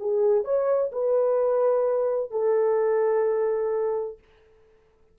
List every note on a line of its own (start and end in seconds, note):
0.00 0.45 G#4
0.45 0.92 C#5
0.92 2.31 B4
2.31 4.19 A4